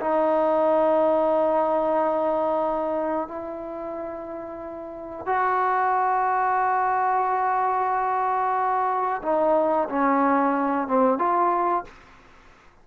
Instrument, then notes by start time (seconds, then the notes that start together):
trombone
0.00 D#4
3.28 E4
5.26 F#4
9.23 D#4
9.90 C#4
10.88 C4
11.18 F4